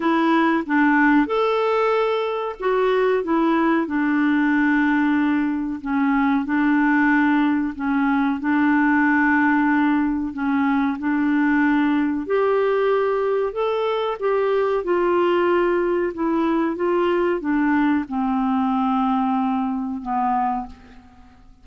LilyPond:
\new Staff \with { instrumentName = "clarinet" } { \time 4/4 \tempo 4 = 93 e'4 d'4 a'2 | fis'4 e'4 d'2~ | d'4 cis'4 d'2 | cis'4 d'2. |
cis'4 d'2 g'4~ | g'4 a'4 g'4 f'4~ | f'4 e'4 f'4 d'4 | c'2. b4 | }